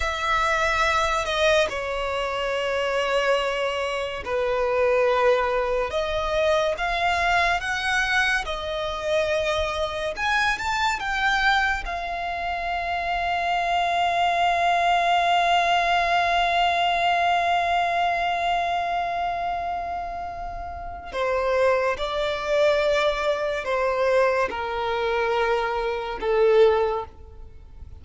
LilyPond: \new Staff \with { instrumentName = "violin" } { \time 4/4 \tempo 4 = 71 e''4. dis''8 cis''2~ | cis''4 b'2 dis''4 | f''4 fis''4 dis''2 | gis''8 a''8 g''4 f''2~ |
f''1~ | f''1~ | f''4 c''4 d''2 | c''4 ais'2 a'4 | }